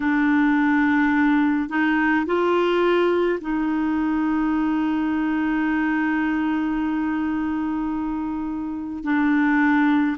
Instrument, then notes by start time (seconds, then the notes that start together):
clarinet
0.00 D4
1.69 D#4
2.25 F4
3.40 D#4
9.03 D4